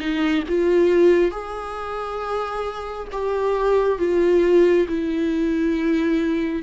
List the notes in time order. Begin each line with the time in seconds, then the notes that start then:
0.00 D#4
0.49 F4
1.32 G#4
3.12 G4
3.99 F4
4.89 E4